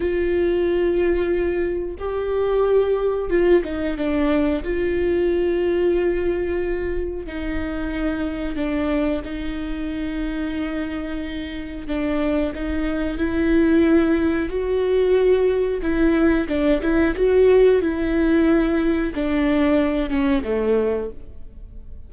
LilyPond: \new Staff \with { instrumentName = "viola" } { \time 4/4 \tempo 4 = 91 f'2. g'4~ | g'4 f'8 dis'8 d'4 f'4~ | f'2. dis'4~ | dis'4 d'4 dis'2~ |
dis'2 d'4 dis'4 | e'2 fis'2 | e'4 d'8 e'8 fis'4 e'4~ | e'4 d'4. cis'8 a4 | }